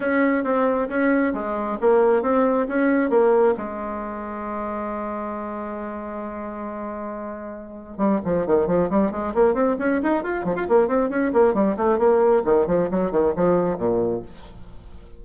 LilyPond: \new Staff \with { instrumentName = "bassoon" } { \time 4/4 \tempo 4 = 135 cis'4 c'4 cis'4 gis4 | ais4 c'4 cis'4 ais4 | gis1~ | gis1~ |
gis2 g8 f8 dis8 f8 | g8 gis8 ais8 c'8 cis'8 dis'8 f'8 f16 f'16 | ais8 c'8 cis'8 ais8 g8 a8 ais4 | dis8 f8 fis8 dis8 f4 ais,4 | }